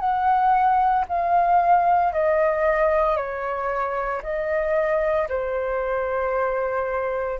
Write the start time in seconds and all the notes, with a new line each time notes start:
0.00 F#5
1.09 F5
2.13 D#5
3.17 C#5
4.23 D#5
5.29 C5